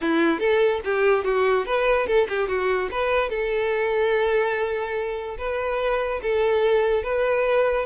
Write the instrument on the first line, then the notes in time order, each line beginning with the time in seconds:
violin
0.01 E4
0.39 A4
0.84 G4
1.24 F#4
1.66 B4
2.06 A4
2.28 G4
2.48 F#4
2.91 B4
3.29 A4
5.38 B4
6.22 A4
7.03 B4